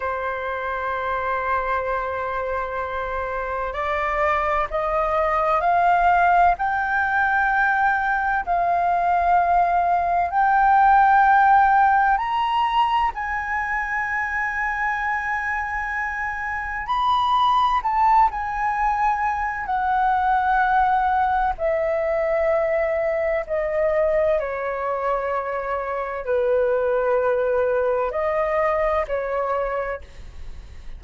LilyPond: \new Staff \with { instrumentName = "flute" } { \time 4/4 \tempo 4 = 64 c''1 | d''4 dis''4 f''4 g''4~ | g''4 f''2 g''4~ | g''4 ais''4 gis''2~ |
gis''2 b''4 a''8 gis''8~ | gis''4 fis''2 e''4~ | e''4 dis''4 cis''2 | b'2 dis''4 cis''4 | }